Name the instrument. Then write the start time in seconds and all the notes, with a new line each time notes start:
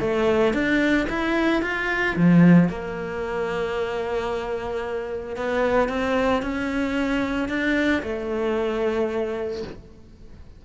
cello
0.00 A3
0.53 D4
1.09 E4
1.62 F4
2.16 F3
2.69 A#3
5.36 B3
5.89 C4
6.42 C#4
7.48 D4
8.02 A3